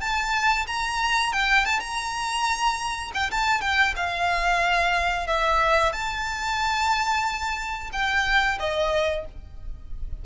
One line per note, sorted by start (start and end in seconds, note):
0.00 0.66 A5
0.67 1.32 A#5
1.32 1.65 G5
1.65 1.80 A5
1.80 3.11 A#5
3.14 3.30 G5
3.31 3.61 A5
3.61 3.94 G5
3.96 5.27 F5
5.27 5.92 E5
5.92 7.90 A5
7.92 8.58 G5
8.59 9.25 D#5